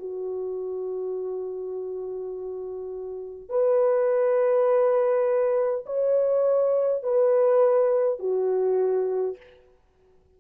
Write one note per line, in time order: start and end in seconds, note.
0.00 3.50 F#4
3.50 5.85 B4
5.87 7.04 C#5
7.04 8.19 B4
8.19 9.37 F#4